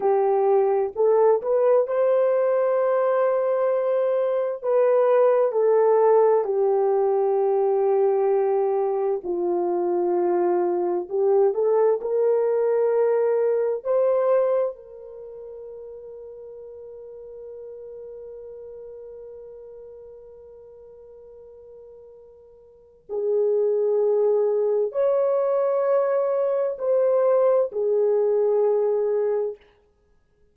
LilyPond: \new Staff \with { instrumentName = "horn" } { \time 4/4 \tempo 4 = 65 g'4 a'8 b'8 c''2~ | c''4 b'4 a'4 g'4~ | g'2 f'2 | g'8 a'8 ais'2 c''4 |
ais'1~ | ais'1~ | ais'4 gis'2 cis''4~ | cis''4 c''4 gis'2 | }